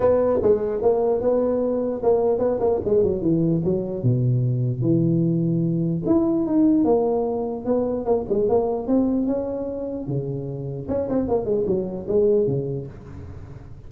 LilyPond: \new Staff \with { instrumentName = "tuba" } { \time 4/4 \tempo 4 = 149 b4 gis4 ais4 b4~ | b4 ais4 b8 ais8 gis8 fis8 | e4 fis4 b,2 | e2. e'4 |
dis'4 ais2 b4 | ais8 gis8 ais4 c'4 cis'4~ | cis'4 cis2 cis'8 c'8 | ais8 gis8 fis4 gis4 cis4 | }